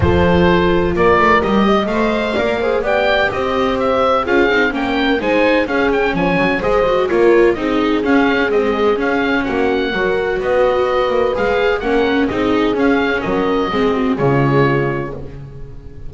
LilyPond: <<
  \new Staff \with { instrumentName = "oboe" } { \time 4/4 \tempo 4 = 127 c''2 d''4 dis''4 | f''2 g''4 dis''4 | e''4 f''4 g''4 gis''4 | f''8 g''8 gis''4 dis''4 cis''4 |
dis''4 f''4 dis''4 f''4 | fis''2 dis''2 | f''4 fis''4 dis''4 f''4 | dis''2 cis''2 | }
  \new Staff \with { instrumentName = "horn" } { \time 4/4 a'2 ais'4. dis''8~ | dis''4 d''8 c''8 d''4 c''4~ | c''4 gis'4 ais'4 c''4 | gis'4 cis''4 c''4 ais'4 |
gis'1 | fis'4 ais'4 b'2~ | b'4 ais'4 gis'2 | ais'4 gis'8 fis'8 f'2 | }
  \new Staff \with { instrumentName = "viola" } { \time 4/4 f'2. g'4 | c''4 ais'8 gis'8 g'2~ | g'4 f'8 dis'8 cis'4 dis'4 | cis'2 gis'8 fis'8 f'4 |
dis'4 cis'4 gis4 cis'4~ | cis'4 fis'2. | gis'4 cis'4 dis'4 cis'4~ | cis'4 c'4 gis2 | }
  \new Staff \with { instrumentName = "double bass" } { \time 4/4 f2 ais8 a8 g4 | a4 ais4 b4 c'4~ | c'4 cis'8 c'8 ais4 gis4 | cis'4 f8 fis8 gis4 ais4 |
c'4 cis'4 c'4 cis'4 | ais4 fis4 b4. ais8 | gis4 ais4 c'4 cis'4 | fis4 gis4 cis2 | }
>>